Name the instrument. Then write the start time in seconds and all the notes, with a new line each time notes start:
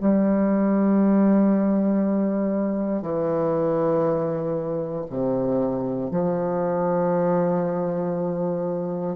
bassoon
0.00 G3
3.02 E3
5.10 C3
6.11 F3